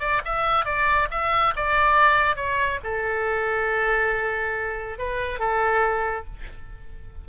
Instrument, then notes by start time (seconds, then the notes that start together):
oboe
0.00 D5
0.25 E5
0.65 D5
1.11 E5
1.56 D5
2.36 C#5
2.84 A4
4.99 B4
5.39 A4